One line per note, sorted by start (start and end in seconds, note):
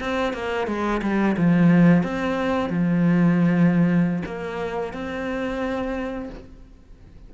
0.00 0.33 C4
0.33 0.67 A#3
0.67 1.01 G#3
1.02 1.36 G3
1.38 2.03 F3
2.03 2.70 C4
2.70 4.23 F3
4.26 4.93 A#3
4.93 6.30 C4